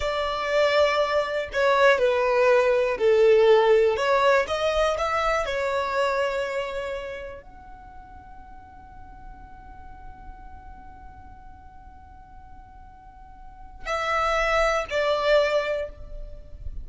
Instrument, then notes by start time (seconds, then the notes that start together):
violin
0.00 D5
1.53 C#5
1.98 B4
2.98 A4
3.96 C#5
4.47 D#5
4.97 E5
5.45 C#5
7.42 F#5
13.85 E5
14.90 D5